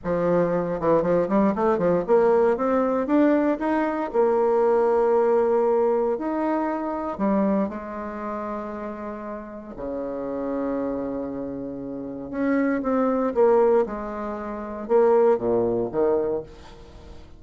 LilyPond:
\new Staff \with { instrumentName = "bassoon" } { \time 4/4 \tempo 4 = 117 f4. e8 f8 g8 a8 f8 | ais4 c'4 d'4 dis'4 | ais1 | dis'2 g4 gis4~ |
gis2. cis4~ | cis1 | cis'4 c'4 ais4 gis4~ | gis4 ais4 ais,4 dis4 | }